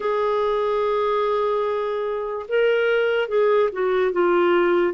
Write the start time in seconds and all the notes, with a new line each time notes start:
0.00 G#4
2.48 A#4
3.28 G#4
3.72 F#4
4.11 F4